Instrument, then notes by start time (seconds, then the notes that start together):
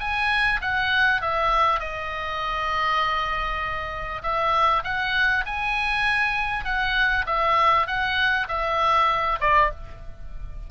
oboe
0.00 G#5
0.62 F#5
1.22 E5
1.80 D#5
4.23 E5
4.84 F#5
5.46 G#5
6.65 F#5
7.27 E5
7.87 F#5
8.49 E5
9.41 D5